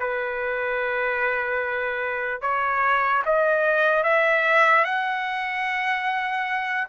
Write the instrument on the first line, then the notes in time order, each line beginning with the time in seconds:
trumpet
0.00 B4
2.42 C#5
3.26 D#5
4.04 E5
4.85 F#5